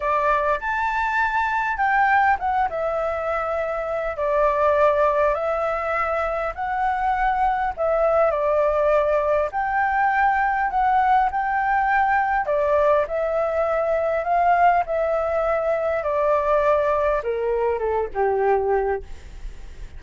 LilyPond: \new Staff \with { instrumentName = "flute" } { \time 4/4 \tempo 4 = 101 d''4 a''2 g''4 | fis''8 e''2~ e''8 d''4~ | d''4 e''2 fis''4~ | fis''4 e''4 d''2 |
g''2 fis''4 g''4~ | g''4 d''4 e''2 | f''4 e''2 d''4~ | d''4 ais'4 a'8 g'4. | }